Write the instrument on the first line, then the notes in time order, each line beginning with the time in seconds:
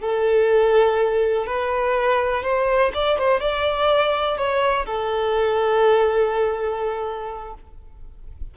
violin
0.00 A4
1.46 B4
2.43 C5
2.94 D5
3.18 C5
3.40 D5
4.37 C#5
4.86 A4